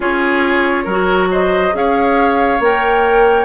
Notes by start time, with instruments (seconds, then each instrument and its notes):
0.00 bassoon C#4, clarinet F4, oboe G#4, flute C#5
0.84 bassoon F#3, oboe A#4
0.90 clarinet F#4
1.31 oboe C5, flute D#5
1.71 bassoon C#4, clarinet G#4, flute F5
1.77 oboe C#5
2.59 bassoon A#3, clarinet A#4, flute G5